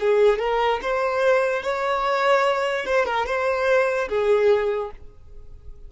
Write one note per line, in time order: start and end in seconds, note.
0.00 0.39 G#4
0.39 0.80 A#4
0.82 1.63 C5
1.63 2.86 C#5
2.86 3.06 C5
3.06 3.26 A#4
3.26 4.08 C5
4.09 4.91 G#4